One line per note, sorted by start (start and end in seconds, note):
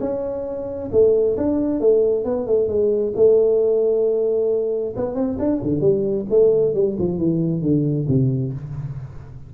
0.00 0.90 C#4
0.92 1.36 A3
1.37 1.80 D4
1.80 2.24 A3
2.24 2.47 B3
2.47 2.68 A3
2.68 3.13 G#3
3.16 4.95 A3
4.96 5.15 B3
5.15 5.37 C4
5.39 5.61 D4
5.62 5.81 D3
5.81 6.25 G3
6.30 6.74 A3
6.74 6.97 G3
6.99 7.18 F3
7.18 7.62 E3
7.62 8.06 D3
8.08 8.53 C3